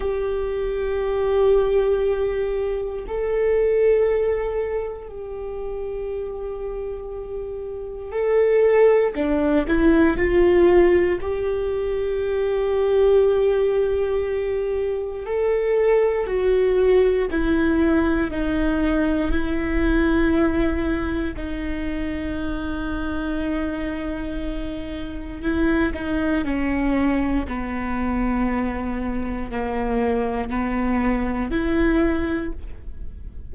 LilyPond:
\new Staff \with { instrumentName = "viola" } { \time 4/4 \tempo 4 = 59 g'2. a'4~ | a'4 g'2. | a'4 d'8 e'8 f'4 g'4~ | g'2. a'4 |
fis'4 e'4 dis'4 e'4~ | e'4 dis'2.~ | dis'4 e'8 dis'8 cis'4 b4~ | b4 ais4 b4 e'4 | }